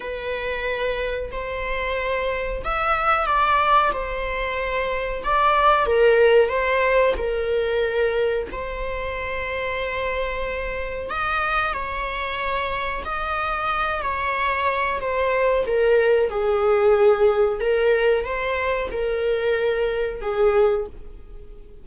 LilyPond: \new Staff \with { instrumentName = "viola" } { \time 4/4 \tempo 4 = 92 b'2 c''2 | e''4 d''4 c''2 | d''4 ais'4 c''4 ais'4~ | ais'4 c''2.~ |
c''4 dis''4 cis''2 | dis''4. cis''4. c''4 | ais'4 gis'2 ais'4 | c''4 ais'2 gis'4 | }